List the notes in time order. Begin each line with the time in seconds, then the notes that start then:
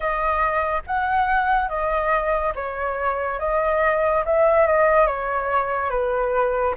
0.00 D#5
0.86 F#5
1.69 D#5
2.55 C#5
3.39 D#5
4.25 E5
4.67 D#5
5.06 C#5
5.90 B4